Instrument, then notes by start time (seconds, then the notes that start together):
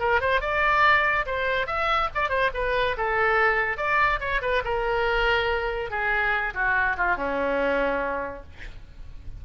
oboe
0.00 A#4
0.21 C5
0.41 D5
1.26 C5
1.67 E5
2.15 D5
2.30 C5
2.54 B4
2.98 A4
3.78 D5
4.20 C#5
4.42 B4
4.65 A#4
5.91 G#4
6.55 F#4
6.98 F4
7.17 C#4